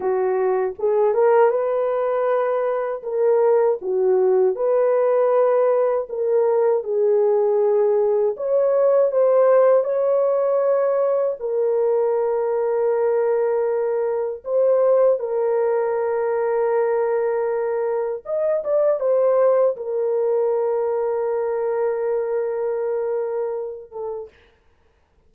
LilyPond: \new Staff \with { instrumentName = "horn" } { \time 4/4 \tempo 4 = 79 fis'4 gis'8 ais'8 b'2 | ais'4 fis'4 b'2 | ais'4 gis'2 cis''4 | c''4 cis''2 ais'4~ |
ais'2. c''4 | ais'1 | dis''8 d''8 c''4 ais'2~ | ais'2.~ ais'8 a'8 | }